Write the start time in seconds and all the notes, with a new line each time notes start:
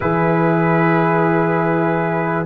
0.00 E3 E4 G#4 B4